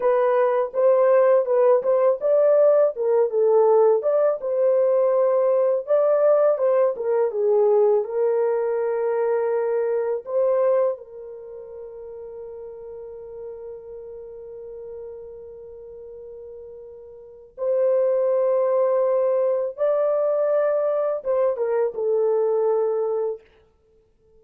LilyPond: \new Staff \with { instrumentName = "horn" } { \time 4/4 \tempo 4 = 82 b'4 c''4 b'8 c''8 d''4 | ais'8 a'4 d''8 c''2 | d''4 c''8 ais'8 gis'4 ais'4~ | ais'2 c''4 ais'4~ |
ais'1~ | ais'1 | c''2. d''4~ | d''4 c''8 ais'8 a'2 | }